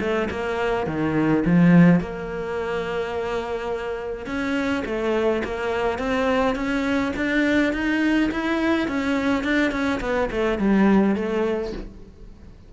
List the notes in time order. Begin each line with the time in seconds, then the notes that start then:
0.00 A3
0.30 A#3
0.87 D#3
1.45 F3
2.00 A#3
4.26 C#4
4.85 A3
5.44 A#3
5.99 C4
6.55 C#4
7.16 D4
7.73 D#4
8.31 E4
8.88 C#4
9.44 D4
9.71 C#4
10.01 B3
10.31 A3
10.59 G3
11.15 A3